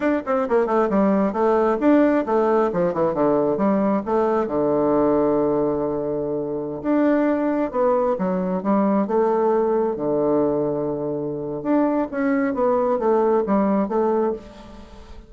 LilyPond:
\new Staff \with { instrumentName = "bassoon" } { \time 4/4 \tempo 4 = 134 d'8 c'8 ais8 a8 g4 a4 | d'4 a4 f8 e8 d4 | g4 a4 d2~ | d2.~ d16 d'8.~ |
d'4~ d'16 b4 fis4 g8.~ | g16 a2 d4.~ d16~ | d2 d'4 cis'4 | b4 a4 g4 a4 | }